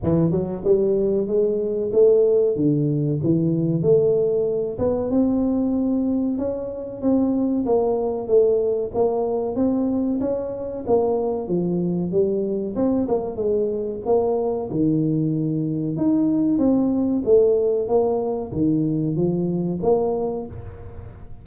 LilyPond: \new Staff \with { instrumentName = "tuba" } { \time 4/4 \tempo 4 = 94 e8 fis8 g4 gis4 a4 | d4 e4 a4. b8 | c'2 cis'4 c'4 | ais4 a4 ais4 c'4 |
cis'4 ais4 f4 g4 | c'8 ais8 gis4 ais4 dis4~ | dis4 dis'4 c'4 a4 | ais4 dis4 f4 ais4 | }